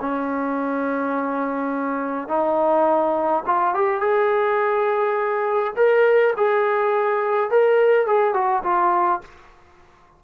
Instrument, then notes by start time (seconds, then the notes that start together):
trombone
0.00 C#4
2.28 D#4
3.46 F4
3.74 G4
4.00 G#4
5.76 A#4
6.36 G#4
7.51 A#4
8.06 G#4
8.34 F#4
8.64 F4